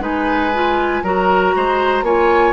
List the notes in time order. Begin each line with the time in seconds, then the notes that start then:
0.00 G#3 D#4 B4 G#5
0.54 F4
1.03 F#3 F#4 A#4 A#5
1.56 G#3 C5
2.03 A#3 F4 C#5 G#5